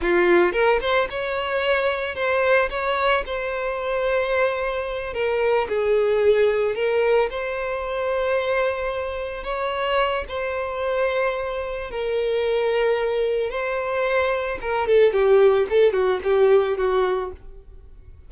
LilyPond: \new Staff \with { instrumentName = "violin" } { \time 4/4 \tempo 4 = 111 f'4 ais'8 c''8 cis''2 | c''4 cis''4 c''2~ | c''4. ais'4 gis'4.~ | gis'8 ais'4 c''2~ c''8~ |
c''4. cis''4. c''4~ | c''2 ais'2~ | ais'4 c''2 ais'8 a'8 | g'4 a'8 fis'8 g'4 fis'4 | }